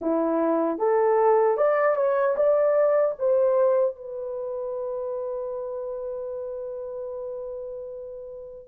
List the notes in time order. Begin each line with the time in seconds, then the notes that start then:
0.01 E4
0.78 A4
1.57 D5
1.96 C#5
2.36 D5
3.18 C5
3.95 B4